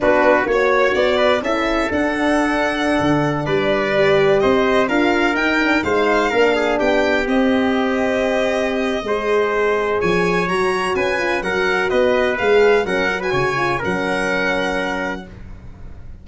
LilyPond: <<
  \new Staff \with { instrumentName = "violin" } { \time 4/4 \tempo 4 = 126 b'4 cis''4 d''4 e''4 | fis''2.~ fis''16 d''8.~ | d''4~ d''16 dis''4 f''4 g''8.~ | g''16 f''2 g''4 dis''8.~ |
dis''1~ | dis''4 gis''4 ais''4 gis''4 | fis''4 dis''4 f''4 fis''8. gis''16~ | gis''4 fis''2. | }
  \new Staff \with { instrumentName = "trumpet" } { \time 4/4 fis'4 cis''4. b'8 a'4~ | a'2.~ a'16 b'8.~ | b'4~ b'16 c''4 ais'4.~ ais'16~ | ais'16 c''4 ais'8 gis'8 g'4.~ g'16~ |
g'2. c''4~ | c''4 cis''2 b'4 | ais'4 b'2 ais'8. b'16 | cis''4 ais'2. | }
  \new Staff \with { instrumentName = "horn" } { \time 4/4 d'4 fis'2 e'4 | d'1~ | d'16 g'2 f'4 dis'8 d'16~ | d'16 dis'4 d'2 c'8.~ |
c'2. gis'4~ | gis'2 fis'4. f'8 | fis'2 gis'4 cis'8 fis'8~ | fis'8 f'8 cis'2. | }
  \new Staff \with { instrumentName = "tuba" } { \time 4/4 b4 ais4 b4 cis'4 | d'2~ d'16 d4 g8.~ | g4~ g16 c'4 d'4 dis'8.~ | dis'16 gis4 ais4 b4 c'8.~ |
c'2. gis4~ | gis4 f4 fis4 cis'4 | fis4 b4 gis4 fis4 | cis4 fis2. | }
>>